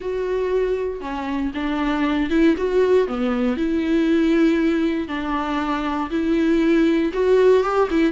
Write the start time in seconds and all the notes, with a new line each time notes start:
0.00 F#4
1.00 C#4
1.54 D4
2.30 E4
2.57 F#4
3.07 B3
3.56 E4
5.08 D4
6.10 E4
7.13 F#4
7.63 G4
7.90 E4